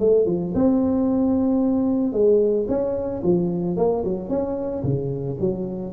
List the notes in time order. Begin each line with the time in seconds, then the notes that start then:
0.00 A3
0.26 F3
0.55 C4
2.13 G#3
2.69 C#4
3.23 F3
3.77 A#3
4.04 F#3
4.29 C#4
4.84 C#3
5.40 F#3